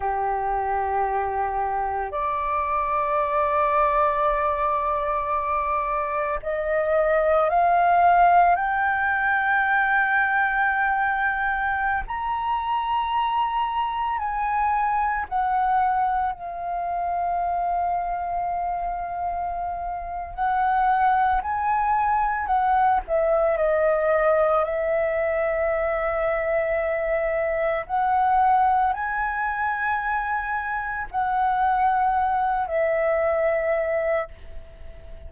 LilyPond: \new Staff \with { instrumentName = "flute" } { \time 4/4 \tempo 4 = 56 g'2 d''2~ | d''2 dis''4 f''4 | g''2.~ g''16 ais''8.~ | ais''4~ ais''16 gis''4 fis''4 f''8.~ |
f''2. fis''4 | gis''4 fis''8 e''8 dis''4 e''4~ | e''2 fis''4 gis''4~ | gis''4 fis''4. e''4. | }